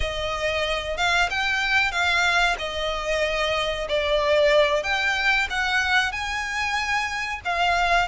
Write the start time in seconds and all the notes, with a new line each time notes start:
0.00 D#5
0.97 F5
1.30 G5
1.91 F5
2.58 D#5
3.88 D5
4.83 G5
5.50 F#5
6.11 G#5
7.44 F5